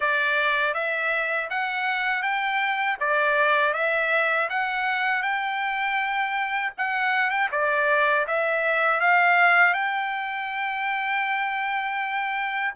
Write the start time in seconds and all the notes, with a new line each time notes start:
0.00 D5
0.74 E5
1.50 F#5
2.22 G5
3.00 D5
3.73 E5
4.49 F#5
5.22 G5
6.77 F#5
7.30 G5
7.51 D5
8.27 E5
9.00 F5
9.73 G5